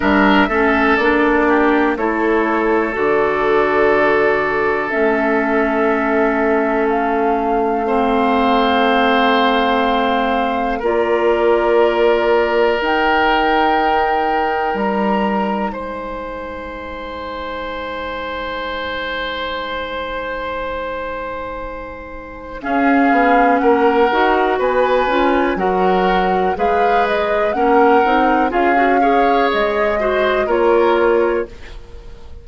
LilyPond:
<<
  \new Staff \with { instrumentName = "flute" } { \time 4/4 \tempo 4 = 61 e''4 d''4 cis''4 d''4~ | d''4 e''2 f''4~ | f''2. d''4~ | d''4 g''2 ais''4 |
gis''1~ | gis''2. f''4 | fis''4 gis''4 fis''4 f''8 dis''8 | fis''4 f''4 dis''4 cis''4 | }
  \new Staff \with { instrumentName = "oboe" } { \time 4/4 ais'8 a'4 g'8 a'2~ | a'1 | c''2. ais'4~ | ais'1 |
c''1~ | c''2. gis'4 | ais'4 b'4 ais'4 b'4 | ais'4 gis'8 cis''4 c''8 ais'4 | }
  \new Staff \with { instrumentName = "clarinet" } { \time 4/4 d'8 cis'8 d'4 e'4 fis'4~ | fis'4 cis'2. | c'2. f'4~ | f'4 dis'2.~ |
dis'1~ | dis'2. cis'4~ | cis'8 fis'4 f'8 fis'4 gis'4 | cis'8 dis'8 f'16 fis'16 gis'4 fis'8 f'4 | }
  \new Staff \with { instrumentName = "bassoon" } { \time 4/4 g8 a8 ais4 a4 d4~ | d4 a2.~ | a2. ais4~ | ais4 dis'2 g4 |
gis1~ | gis2. cis'8 b8 | ais8 dis'8 b8 cis'8 fis4 gis4 | ais8 c'8 cis'4 gis4 ais4 | }
>>